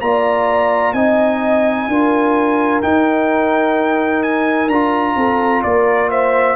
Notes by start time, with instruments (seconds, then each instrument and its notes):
0.00 tuba A#3, trombone F4, horn D5, trumpet A#5
0.93 tuba C4, trombone D#4, horn D#5, trumpet G#5
1.87 tuba D4, trombone F4, horn A#4
2.82 trombone D#4, tuba D#4, trumpet G5
4.22 trumpet G#5
4.68 tuba D4, trombone F4, trumpet A#5
5.15 tuba C4, horn A4
5.62 tuba A#3, horn A#4, trumpet D5
6.10 horn C5, trumpet E5